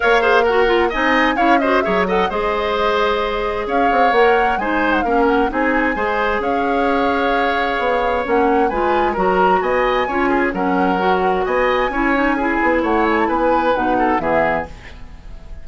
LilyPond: <<
  \new Staff \with { instrumentName = "flute" } { \time 4/4 \tempo 4 = 131 f''4 fis''4 gis''4 f''8 dis''8 | e''8 fis''8 dis''2. | f''4 fis''4 gis''8. fis''16 f''8 fis''8 | gis''2 f''2~ |
f''2 fis''4 gis''4 | ais''4 gis''2 fis''4~ | fis''4 gis''2. | fis''8 gis''16 a''16 gis''4 fis''4 e''4 | }
  \new Staff \with { instrumentName = "oboe" } { \time 4/4 cis''8 c''8 ais'4 dis''4 cis''8 c''8 | cis''8 dis''8 c''2. | cis''2 c''4 ais'4 | gis'4 c''4 cis''2~ |
cis''2. b'4 | ais'4 dis''4 cis''8 gis'8 ais'4~ | ais'4 dis''4 cis''4 gis'4 | cis''4 b'4. a'8 gis'4 | }
  \new Staff \with { instrumentName = "clarinet" } { \time 4/4 ais'8 gis'8 fis'8 f'8 dis'4 e'8 fis'8 | gis'8 a'8 gis'2.~ | gis'4 ais'4 dis'4 cis'4 | dis'4 gis'2.~ |
gis'2 cis'4 f'4 | fis'2 f'4 cis'4 | fis'2 e'8 dis'8 e'4~ | e'2 dis'4 b4 | }
  \new Staff \with { instrumentName = "bassoon" } { \time 4/4 ais2 c'4 cis'4 | fis4 gis2. | cis'8 c'8 ais4 gis4 ais4 | c'4 gis4 cis'2~ |
cis'4 b4 ais4 gis4 | fis4 b4 cis'4 fis4~ | fis4 b4 cis'4. b8 | a4 b4 b,4 e4 | }
>>